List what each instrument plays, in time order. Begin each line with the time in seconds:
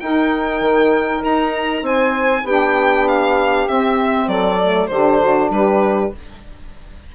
0.00 bassoon D#4, saxophone D#4 A#4, violin G5
0.61 bassoon D#3
1.24 bassoon D#4, violin A#5
1.82 bassoon C4, saxophone C5, violin G#5
2.43 bassoon B3, saxophone D4 G4, violin G5
3.08 violin F5
3.68 saxophone C4, bassoon C4, violin E5
4.28 bassoon F#3, saxophone A4, violin D5
4.60 saxophone A3
4.87 bassoon D3, saxophone D4 G4, violin C5
5.21 saxophone F#4
5.50 bassoon G3, saxophone G4, violin B4